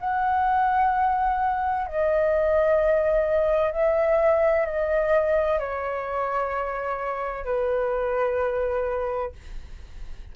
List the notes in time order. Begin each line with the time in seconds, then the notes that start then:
0.00 F#5
1.87 D#5
3.72 E5
4.66 D#5
5.60 C#5
7.45 B4